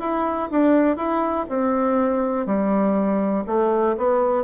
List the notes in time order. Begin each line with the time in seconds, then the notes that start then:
0.00 E4
0.51 D4
0.97 E4
1.49 C4
2.46 G3
3.47 A3
3.97 B3